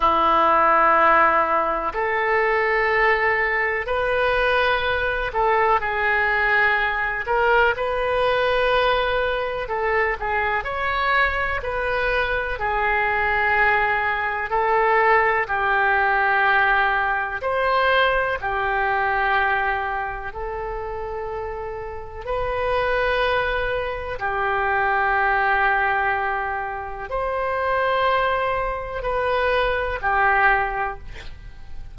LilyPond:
\new Staff \with { instrumentName = "oboe" } { \time 4/4 \tempo 4 = 62 e'2 a'2 | b'4. a'8 gis'4. ais'8 | b'2 a'8 gis'8 cis''4 | b'4 gis'2 a'4 |
g'2 c''4 g'4~ | g'4 a'2 b'4~ | b'4 g'2. | c''2 b'4 g'4 | }